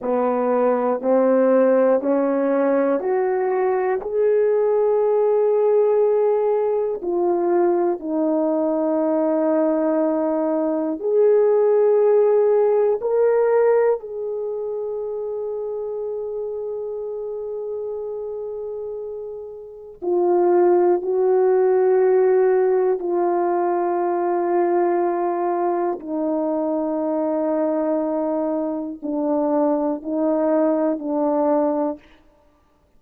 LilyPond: \new Staff \with { instrumentName = "horn" } { \time 4/4 \tempo 4 = 60 b4 c'4 cis'4 fis'4 | gis'2. f'4 | dis'2. gis'4~ | gis'4 ais'4 gis'2~ |
gis'1 | f'4 fis'2 f'4~ | f'2 dis'2~ | dis'4 d'4 dis'4 d'4 | }